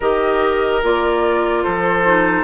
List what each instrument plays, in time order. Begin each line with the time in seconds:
0.00 bassoon D#3, clarinet G4, oboe A#4, flute D#5
0.82 bassoon A#3, clarinet F4, flute D5
1.63 bassoon F3, oboe A4, flute C5
2.06 clarinet D#4